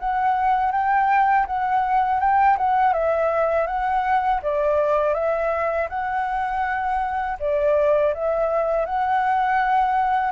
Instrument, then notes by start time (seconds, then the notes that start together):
flute
0.00 F#5
0.72 G5
1.47 F#5
2.20 G5
2.58 F#5
2.94 E5
3.67 F#5
4.43 D5
5.14 E5
5.90 F#5
7.40 D5
8.14 E5
8.86 F#5